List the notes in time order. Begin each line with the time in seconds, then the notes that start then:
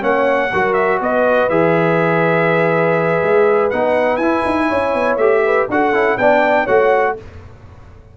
0.00 A#3 C#4 C#5 F#5
0.52 F#3 F#4 A#4
0.74 E5
1.01 B3 B4 D#5
1.50 E3 G#4 E5
3.23 G#3
3.71 B3 D#4 F#5
4.17 E4 G#5
4.46 D#4
4.68 C#4 C#5
4.94 B3
5.18 A3 G4 E5
5.45 B4
5.70 D4 F#4 A4 F#5
5.93 C#4 E4
6.18 B3 D4 D5 G5
6.64 A3 F#4 C#5 F#5